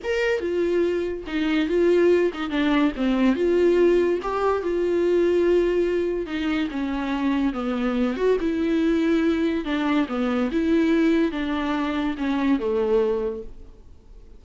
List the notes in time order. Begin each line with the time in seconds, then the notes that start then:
0.03 A#4
0.40 F4
1.26 D#4
1.68 F4
2.33 D#4
2.50 D4
2.96 C4
3.35 F4
4.22 G4
4.62 F4
6.26 D#4
6.71 C#4
7.53 B3
8.16 F#4
8.40 E4
9.64 D4
10.08 B3
10.51 E4
11.31 D4
12.17 C#4
12.59 A3